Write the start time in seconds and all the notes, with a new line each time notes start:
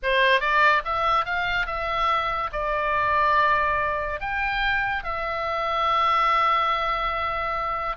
0.02 C5
0.40 D5
0.84 E5
1.25 F5
1.66 E5
2.52 D5
4.20 G5
5.03 E5